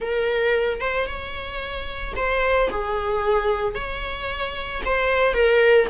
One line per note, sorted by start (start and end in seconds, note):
0.00 0.80 A#4
0.80 1.07 C5
1.07 2.14 C#5
2.16 2.69 C5
2.70 3.74 G#4
3.74 4.81 C#5
4.85 5.33 C5
5.33 5.87 A#4